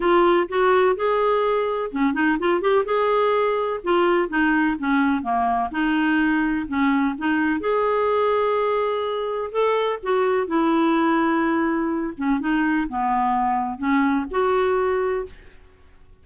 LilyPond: \new Staff \with { instrumentName = "clarinet" } { \time 4/4 \tempo 4 = 126 f'4 fis'4 gis'2 | cis'8 dis'8 f'8 g'8 gis'2 | f'4 dis'4 cis'4 ais4 | dis'2 cis'4 dis'4 |
gis'1 | a'4 fis'4 e'2~ | e'4. cis'8 dis'4 b4~ | b4 cis'4 fis'2 | }